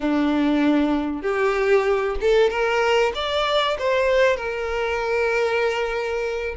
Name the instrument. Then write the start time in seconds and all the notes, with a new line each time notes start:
violin
0.00 D4
1.22 G4
2.20 A4
2.50 A#4
3.14 D5
3.78 C5
4.36 A#4